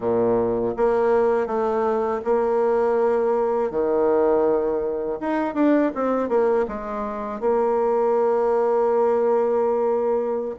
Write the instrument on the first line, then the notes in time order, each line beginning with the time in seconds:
bassoon
0.00 A#2
0.76 A#3
1.46 A3
2.24 A#3
3.70 D#3
5.20 D#4
5.54 D4
5.95 C4
6.28 A#3
6.67 G#3
7.40 A#3